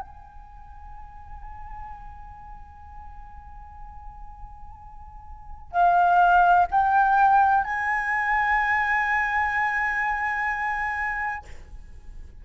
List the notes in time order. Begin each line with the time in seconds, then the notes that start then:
0.00 G#5
5.71 F5
6.70 G5
7.64 G#5